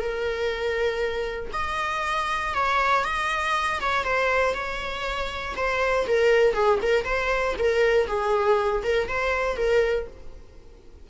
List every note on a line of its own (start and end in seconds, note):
0.00 1.51 A#4
1.54 2.54 D#5
2.55 3.05 C#5
3.05 3.80 D#5
3.80 4.05 C#5
4.05 4.55 C5
4.55 5.56 C#5
5.57 6.07 C5
6.08 6.54 A#4
6.54 6.80 G#4
6.83 7.05 A#4
7.05 7.56 C5
7.59 8.08 A#4
8.08 8.83 G#4
8.84 9.09 A#4
9.09 9.57 C5
9.57 10.07 A#4